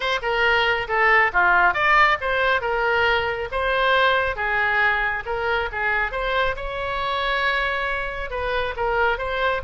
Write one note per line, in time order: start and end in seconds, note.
0.00 0.19 C5
0.22 0.87 A#4
0.88 1.31 A4
1.32 1.74 F4
1.74 2.17 D5
2.20 2.61 C5
2.61 3.48 A#4
3.51 4.36 C5
4.36 5.23 G#4
5.25 5.69 A#4
5.72 6.11 G#4
6.11 6.55 C5
6.56 8.30 C#5
8.30 8.74 B4
8.76 9.18 A#4
9.18 9.61 C5